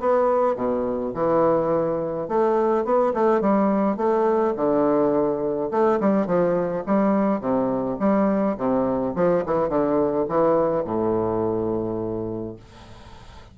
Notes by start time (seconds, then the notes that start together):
0.00 B3
0.56 B2
1.15 E3
2.29 A3
2.85 B3
3.14 A3
3.41 G3
3.98 A3
4.56 D3
5.71 A3
6.01 G3
6.27 F3
6.87 G3
7.41 C3
8.00 G3
8.58 C3
9.16 F3
9.46 E3
9.70 D3
10.29 E3
10.85 A2